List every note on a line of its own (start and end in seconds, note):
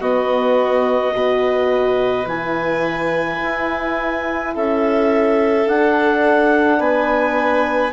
0.00 1.12 B3
0.00 1.13 B3
0.00 1.13 F#4
0.00 2.27 D#5
1.12 2.25 B2
1.12 2.25 F#4
1.12 4.54 B4
2.25 3.38 E3
2.25 5.66 E4
2.25 4.54 G#5
3.42 4.55 E4
4.54 5.65 C#4
4.54 6.79 A4
4.54 5.68 E5
5.65 6.79 D4
5.65 7.92 D4
5.65 6.80 F#5
6.79 7.92 B3
6.79 7.92 B4
6.79 7.92 G#5